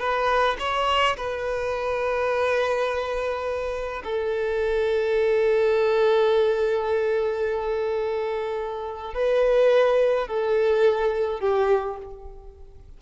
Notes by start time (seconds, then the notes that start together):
0.00 B4
0.59 C#5
1.17 B4
4.04 A4
9.15 B4
10.28 A4
11.40 G4